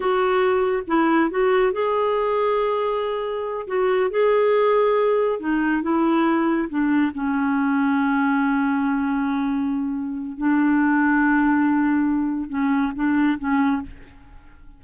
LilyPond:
\new Staff \with { instrumentName = "clarinet" } { \time 4/4 \tempo 4 = 139 fis'2 e'4 fis'4 | gis'1~ | gis'8 fis'4 gis'2~ gis'8~ | gis'8 dis'4 e'2 d'8~ |
d'8 cis'2.~ cis'8~ | cis'1 | d'1~ | d'4 cis'4 d'4 cis'4 | }